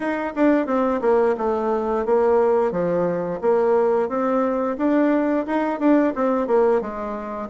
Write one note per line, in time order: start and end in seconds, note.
0.00 0.33 D#4
0.35 0.66 D4
0.66 1.00 C4
1.01 1.35 A#3
1.37 2.05 A3
2.05 2.71 A#3
2.71 3.39 F3
3.41 4.08 A#3
4.08 4.76 C4
4.77 5.45 D4
5.46 5.79 D#4
5.79 6.13 D4
6.15 6.47 C4
6.47 6.81 A#3
6.81 7.49 G#3